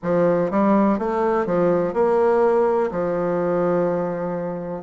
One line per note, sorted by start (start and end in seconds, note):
0.02 0.51 F3
0.51 0.99 G3
0.99 1.46 A3
1.46 1.93 F3
1.93 2.90 A#3
2.91 4.83 F3